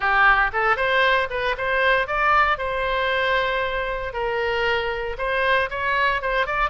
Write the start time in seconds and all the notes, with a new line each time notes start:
0.00 G4
0.52 A4
0.76 C5
1.30 B4
1.57 C5
2.07 D5
2.57 C5
4.13 A#4
5.17 C5
5.69 C#5
6.21 C5
6.46 D5